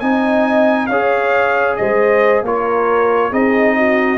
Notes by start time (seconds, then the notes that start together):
0.00 C4 D#4 D#5 G#5
0.87 C#4 G#4 C#5 F5
1.76 G#3 C5 D#5
2.42 A#3 F4 A#4 C#5
3.31 C4 D#4 G#4 D#5
3.77 F#4